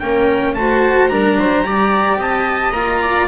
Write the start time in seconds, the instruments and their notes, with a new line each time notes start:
0.00 double bass A#3, cello C#4, viola A#4, trumpet G5
0.55 double bass A3, cello F#4, viola C5, trumpet A5
1.09 double bass G3, cello D4, viola A#4, trumpet A#5
1.38 double bass F#3, viola C5
1.64 double bass G3, cello G4, viola D5
2.17 double bass C4, viola D#5, trumpet A5
2.72 double bass A#3, cello F4, trumpet A#5
3.02 viola D5